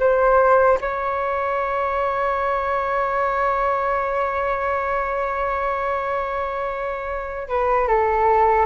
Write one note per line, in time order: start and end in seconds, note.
0.00 0.79 C5
0.81 7.49 C#5
7.49 7.88 B4
7.88 8.66 A4